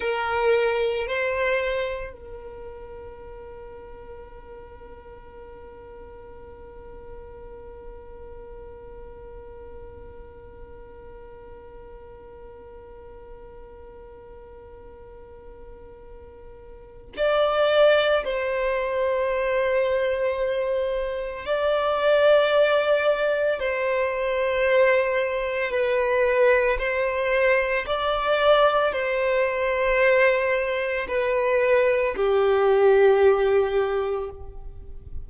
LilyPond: \new Staff \with { instrumentName = "violin" } { \time 4/4 \tempo 4 = 56 ais'4 c''4 ais'2~ | ais'1~ | ais'1~ | ais'1 |
d''4 c''2. | d''2 c''2 | b'4 c''4 d''4 c''4~ | c''4 b'4 g'2 | }